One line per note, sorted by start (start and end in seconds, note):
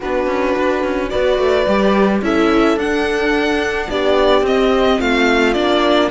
0.00 0.26 B3
0.00 1.09 D4
0.00 1.10 F#4
0.00 1.09 B4
0.26 0.54 C#4
0.57 0.83 D4
0.83 1.11 C#4
1.09 1.38 B3
1.09 1.65 F#4
1.09 2.21 B4
1.09 2.20 D5
1.38 1.66 A3
1.67 2.21 G3
1.67 2.22 G4
2.21 2.76 C#4
2.21 2.78 E4
2.21 3.89 A4
2.21 2.79 E5
2.76 3.87 D4
2.76 4.44 D4
2.76 3.89 F#5
3.89 4.42 B3
3.89 4.98 G4
3.89 4.45 D5
4.42 4.97 C4
4.42 5.55 C4
4.42 5.00 D#5
4.98 5.55 A3
4.98 6.09 F4
4.98 5.53 F5
5.53 6.10 A#3
5.53 6.10 D4
5.53 6.08 D5